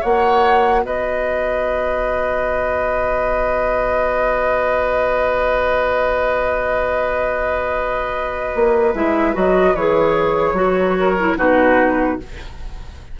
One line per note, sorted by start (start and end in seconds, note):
0.00 0.83 A#3
0.00 8.93 F#4
0.00 0.81 C#5
0.00 0.84 F#5
0.83 8.54 B3
0.83 10.98 B4
0.83 8.94 D#5
8.54 8.94 A#3
8.94 9.34 G#3
8.94 9.33 E4
8.94 9.35 E5
9.33 9.74 F#3
9.33 9.74 F#4
9.33 9.75 D#5
9.74 10.53 E3
9.74 10.55 G#4
9.74 11.37 C#5
10.53 11.34 F#3
10.53 11.16 F#4
10.99 11.37 A#4
11.20 11.37 E4
11.37 12.19 B2
11.37 12.18 D#4
11.37 12.19 F#4
11.37 12.19 B4